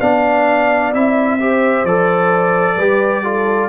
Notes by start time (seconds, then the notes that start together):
0.00 B3 D4 D5 F5
0.93 C4 E4 E5
1.40 G4 C5
1.84 F3 A4 D5
2.76 G3 G4 B4
3.23 F4 A4